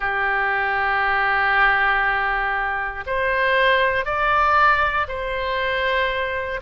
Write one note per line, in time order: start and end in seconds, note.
0.00 3.04 G4
3.06 4.04 C5
4.04 5.06 D5
5.08 6.60 C5